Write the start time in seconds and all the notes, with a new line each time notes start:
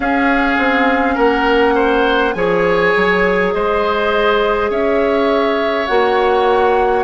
0.00 C#4 G#4 F5
0.58 C4
1.14 A#3 A#4 F#5
1.75 C5
2.33 F3 G#4 C#5 G#5
2.95 F#3
3.52 G#3 C5 D#5
4.70 C#4 C#5 E5
5.87 A#3 F#4 F#5